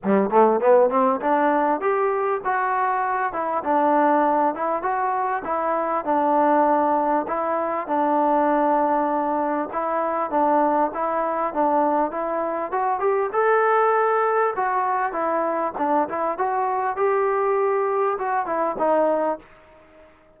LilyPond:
\new Staff \with { instrumentName = "trombone" } { \time 4/4 \tempo 4 = 99 g8 a8 b8 c'8 d'4 g'4 | fis'4. e'8 d'4. e'8 | fis'4 e'4 d'2 | e'4 d'2. |
e'4 d'4 e'4 d'4 | e'4 fis'8 g'8 a'2 | fis'4 e'4 d'8 e'8 fis'4 | g'2 fis'8 e'8 dis'4 | }